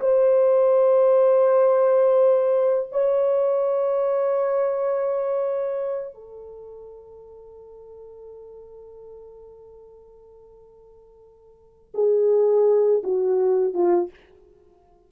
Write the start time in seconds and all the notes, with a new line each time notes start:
0.00 C5
2.92 C#5
6.14 A4
11.94 G#4
13.04 F#4
13.74 F4